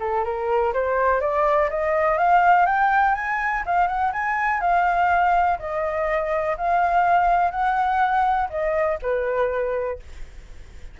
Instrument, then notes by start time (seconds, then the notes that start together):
flute
0.00 A4
0.24 A#4
0.74 C5
1.21 D5
1.70 D#5
2.18 F5
2.66 G5
3.15 G#5
3.66 F5
3.88 F#5
4.13 G#5
4.61 F5
5.59 D#5
6.58 F5
7.51 F#5
8.50 D#5
9.02 B4